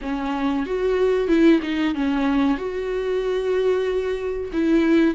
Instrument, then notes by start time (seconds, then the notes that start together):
viola
0.01 C#4
0.65 F#4
1.27 E4
1.62 D#4
1.94 C#4
2.57 F#4
4.52 E4